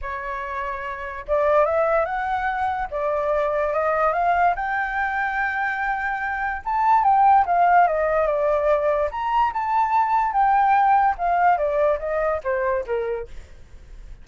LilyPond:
\new Staff \with { instrumentName = "flute" } { \time 4/4 \tempo 4 = 145 cis''2. d''4 | e''4 fis''2 d''4~ | d''4 dis''4 f''4 g''4~ | g''1 |
a''4 g''4 f''4 dis''4 | d''2 ais''4 a''4~ | a''4 g''2 f''4 | d''4 dis''4 c''4 ais'4 | }